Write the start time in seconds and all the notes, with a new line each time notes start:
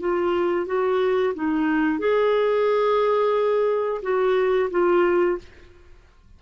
0.00 F4
0.66 F#4
1.35 D#4
1.99 G#4
4.03 F#4
4.71 F4